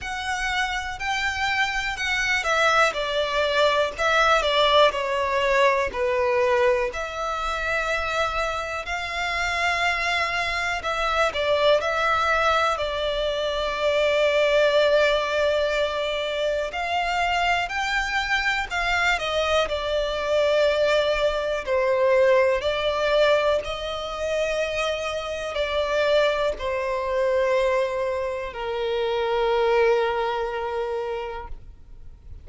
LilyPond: \new Staff \with { instrumentName = "violin" } { \time 4/4 \tempo 4 = 61 fis''4 g''4 fis''8 e''8 d''4 | e''8 d''8 cis''4 b'4 e''4~ | e''4 f''2 e''8 d''8 | e''4 d''2.~ |
d''4 f''4 g''4 f''8 dis''8 | d''2 c''4 d''4 | dis''2 d''4 c''4~ | c''4 ais'2. | }